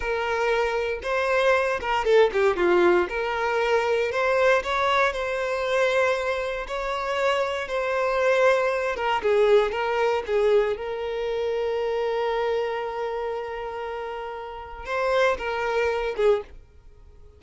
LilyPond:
\new Staff \with { instrumentName = "violin" } { \time 4/4 \tempo 4 = 117 ais'2 c''4. ais'8 | a'8 g'8 f'4 ais'2 | c''4 cis''4 c''2~ | c''4 cis''2 c''4~ |
c''4. ais'8 gis'4 ais'4 | gis'4 ais'2.~ | ais'1~ | ais'4 c''4 ais'4. gis'8 | }